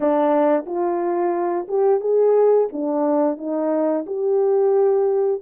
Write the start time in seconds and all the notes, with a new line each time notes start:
0.00 D4
0.66 F4
1.68 G4
2.00 G#4
2.72 D4
3.37 D#4
4.06 G4